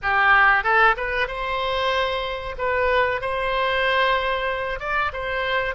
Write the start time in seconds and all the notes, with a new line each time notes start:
0.02 G4
0.63 A4
0.96 B4
1.27 C5
2.58 B4
3.21 C5
4.79 D5
5.12 C5